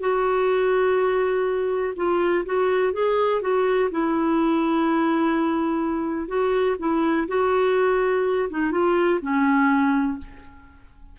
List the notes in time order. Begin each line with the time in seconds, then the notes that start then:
0.00 F#4
1.96 F4
2.45 F#4
2.93 G#4
3.41 F#4
3.91 E4
6.27 F#4
6.79 E4
7.28 F#4
8.49 D#4
8.71 F4
9.21 C#4